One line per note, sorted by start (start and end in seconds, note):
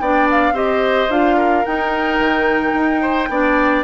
0.00 0.52 B3
0.00 0.53 D4
0.00 0.54 D5
0.00 0.28 G5
0.31 0.56 F5
0.52 1.07 C4
0.52 1.08 G4
0.52 1.36 C5
0.52 1.11 D#5
1.09 1.64 D4
1.09 1.65 F4
1.09 1.65 F5
1.36 3.01 A#4
1.65 3.30 D#4
1.65 2.18 D#4
1.65 3.84 G5
2.18 2.73 D#3
2.74 3.29 D#4
3.01 3.29 C5
3.29 3.84 B3
3.29 3.84 D4
3.29 3.84 D5